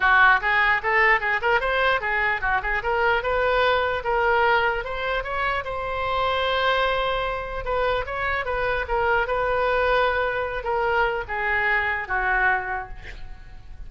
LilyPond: \new Staff \with { instrumentName = "oboe" } { \time 4/4 \tempo 4 = 149 fis'4 gis'4 a'4 gis'8 ais'8 | c''4 gis'4 fis'8 gis'8 ais'4 | b'2 ais'2 | c''4 cis''4 c''2~ |
c''2. b'4 | cis''4 b'4 ais'4 b'4~ | b'2~ b'8 ais'4. | gis'2 fis'2 | }